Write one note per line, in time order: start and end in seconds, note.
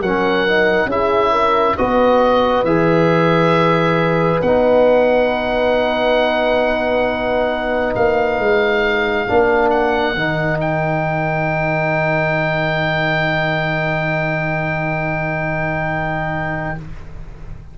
0.00 0.86 F#3
0.00 0.48 C#4
0.00 0.88 A#4
0.00 0.90 F#5
0.48 0.89 D#4
0.86 1.74 C#4
0.86 1.77 E4
0.86 1.32 G#4
0.86 1.77 E5
1.32 1.76 A#4
1.77 2.63 B3
1.77 2.66 F#4
1.77 9.27 B4
1.77 2.65 D#5
2.63 4.40 E3
2.63 4.43 G#4
2.63 4.41 E5
4.41 7.95 B3
4.41 9.27 D#4
4.41 7.94 F#5
7.95 8.39 A#3
7.95 9.70 F5
8.39 9.27 G#3
9.27 10.15 A#3
9.27 10.16 D4
9.27 16.77 A#4
9.70 10.58 F#5
10.15 16.76 D#3
10.15 16.78 D#4
10.61 16.78 G5